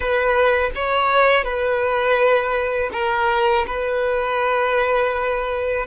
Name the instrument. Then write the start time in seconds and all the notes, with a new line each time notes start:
violin
0.00 B4
0.75 C#5
1.44 B4
2.92 A#4
3.66 B4